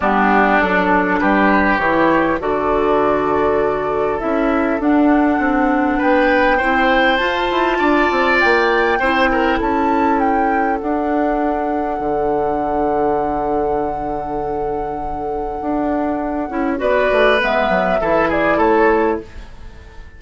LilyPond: <<
  \new Staff \with { instrumentName = "flute" } { \time 4/4 \tempo 4 = 100 g'4 a'4 b'4 cis''4 | d''2. e''4 | fis''2 g''2 | a''2 g''2 |
a''4 g''4 fis''2~ | fis''1~ | fis''1 | d''4 e''4. d''8 cis''4 | }
  \new Staff \with { instrumentName = "oboe" } { \time 4/4 d'2 g'2 | a'1~ | a'2 b'4 c''4~ | c''4 d''2 c''8 ais'8 |
a'1~ | a'1~ | a'1 | b'2 a'8 gis'8 a'4 | }
  \new Staff \with { instrumentName = "clarinet" } { \time 4/4 b4 d'2 e'4 | fis'2. e'4 | d'2. e'4 | f'2. e'4~ |
e'2 d'2~ | d'1~ | d'2.~ d'8 e'8 | fis'4 b4 e'2 | }
  \new Staff \with { instrumentName = "bassoon" } { \time 4/4 g4 fis4 g4 e4 | d2. cis'4 | d'4 c'4 b4 c'4 | f'8 e'8 d'8 c'8 ais4 c'4 |
cis'2 d'2 | d1~ | d2 d'4. cis'8 | b8 a8 gis8 fis8 e4 a4 | }
>>